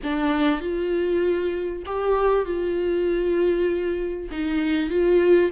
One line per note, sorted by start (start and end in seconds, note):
0.03 0.60 D4
0.60 1.83 F4
1.85 2.45 G4
2.45 4.29 F4
4.31 4.90 D#4
4.90 5.51 F4